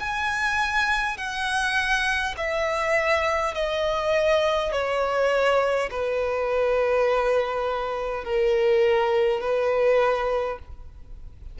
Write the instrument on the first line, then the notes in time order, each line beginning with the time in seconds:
violin
0.00 G#5
1.18 F#5
2.37 E5
3.55 D#5
4.72 C#5
5.91 B4
8.25 A#4
9.41 B4